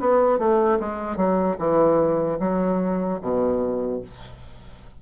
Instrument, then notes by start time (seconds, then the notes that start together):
bassoon
0.00 B3
0.39 A3
0.80 G#3
1.17 F#3
1.59 E3
2.40 F#3
3.22 B2